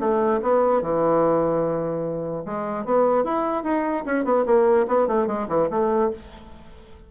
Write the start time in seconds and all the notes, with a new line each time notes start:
0.00 A3
0.43 B3
0.82 E3
2.46 G#3
2.85 B3
3.25 E4
3.64 D#4
4.06 C#4
4.25 B3
4.46 A#3
4.88 B3
5.08 A3
5.27 G#3
5.48 E3
5.71 A3